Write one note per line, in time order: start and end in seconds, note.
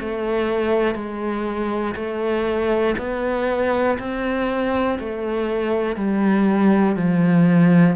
0.00 0.95 A3
0.95 1.95 G#3
1.95 2.95 A3
2.98 3.98 B3
3.99 4.99 C4
4.99 5.96 A3
5.96 6.96 G3
6.96 7.96 F3